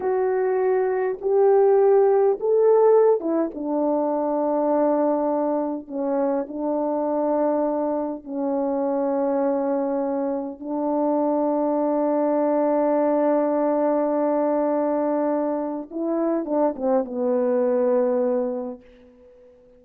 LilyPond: \new Staff \with { instrumentName = "horn" } { \time 4/4 \tempo 4 = 102 fis'2 g'2 | a'4. e'8 d'2~ | d'2 cis'4 d'4~ | d'2 cis'2~ |
cis'2 d'2~ | d'1~ | d'2. e'4 | d'8 c'8 b2. | }